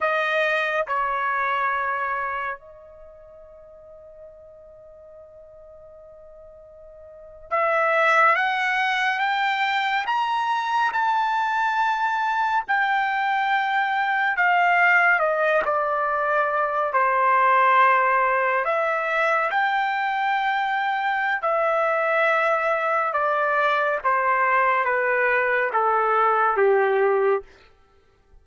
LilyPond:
\new Staff \with { instrumentName = "trumpet" } { \time 4/4 \tempo 4 = 70 dis''4 cis''2 dis''4~ | dis''1~ | dis''8. e''4 fis''4 g''4 ais''16~ | ais''8. a''2 g''4~ g''16~ |
g''8. f''4 dis''8 d''4. c''16~ | c''4.~ c''16 e''4 g''4~ g''16~ | g''4 e''2 d''4 | c''4 b'4 a'4 g'4 | }